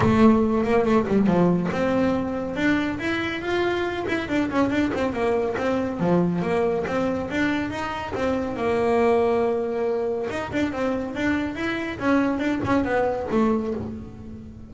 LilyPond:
\new Staff \with { instrumentName = "double bass" } { \time 4/4 \tempo 4 = 140 a4. ais8 a8 g8 f4 | c'2 d'4 e'4 | f'4. e'8 d'8 cis'8 d'8 c'8 | ais4 c'4 f4 ais4 |
c'4 d'4 dis'4 c'4 | ais1 | dis'8 d'8 c'4 d'4 e'4 | cis'4 d'8 cis'8 b4 a4 | }